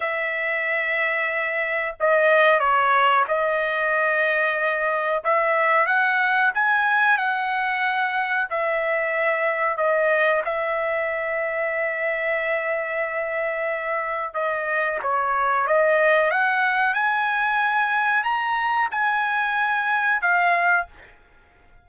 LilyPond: \new Staff \with { instrumentName = "trumpet" } { \time 4/4 \tempo 4 = 92 e''2. dis''4 | cis''4 dis''2. | e''4 fis''4 gis''4 fis''4~ | fis''4 e''2 dis''4 |
e''1~ | e''2 dis''4 cis''4 | dis''4 fis''4 gis''2 | ais''4 gis''2 f''4 | }